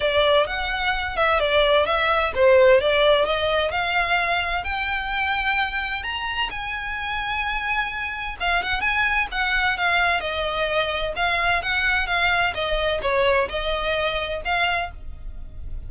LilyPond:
\new Staff \with { instrumentName = "violin" } { \time 4/4 \tempo 4 = 129 d''4 fis''4. e''8 d''4 | e''4 c''4 d''4 dis''4 | f''2 g''2~ | g''4 ais''4 gis''2~ |
gis''2 f''8 fis''8 gis''4 | fis''4 f''4 dis''2 | f''4 fis''4 f''4 dis''4 | cis''4 dis''2 f''4 | }